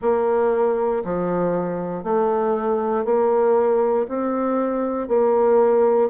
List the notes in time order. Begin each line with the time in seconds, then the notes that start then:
0.01 A#3
1.04 F3
2.03 A3
3.04 A#3
4.08 C4
5.08 A#3